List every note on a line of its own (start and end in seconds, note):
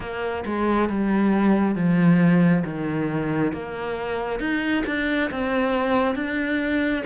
0.00 0.44 A#3
0.45 0.89 G#3
0.89 1.75 G3
1.75 2.63 F3
2.64 3.52 D#3
3.52 4.39 A#3
4.39 4.83 D#4
4.86 5.30 D4
5.30 6.15 C4
6.15 7.03 D4